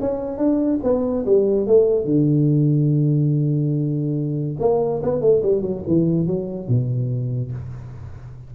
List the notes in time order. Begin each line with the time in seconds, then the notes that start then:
0.00 C#4
0.37 D4
0.83 B3
1.25 G3
1.66 A3
2.04 D3
4.59 A#3
5.03 B3
5.21 A3
5.42 G3
5.61 F#3
5.87 E3
6.27 F#3
6.68 B2